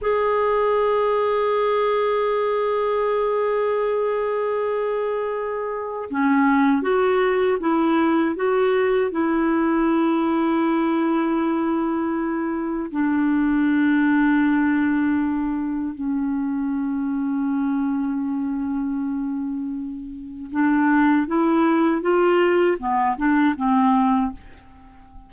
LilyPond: \new Staff \with { instrumentName = "clarinet" } { \time 4/4 \tempo 4 = 79 gis'1~ | gis'1 | cis'4 fis'4 e'4 fis'4 | e'1~ |
e'4 d'2.~ | d'4 cis'2.~ | cis'2. d'4 | e'4 f'4 b8 d'8 c'4 | }